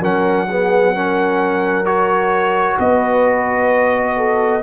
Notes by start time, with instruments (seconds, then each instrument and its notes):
0.00 tuba F#3, trombone C#4, horn A#4, trumpet F#5
0.48 trombone B3, horn G#4
0.95 trombone C#4, horn A#4
1.85 trombone F#4, trumpet C#5
2.79 tuba B3, horn B4, trumpet D#5
4.17 horn A4